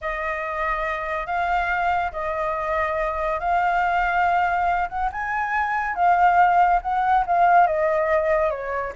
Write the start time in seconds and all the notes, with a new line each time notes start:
0.01 D#5
1.26 F5
2.12 D#5
3.39 F5
4.88 F#5
5.12 G#5
5.95 F5
6.82 F#5
7.26 F5
7.66 D#5
8.50 C#5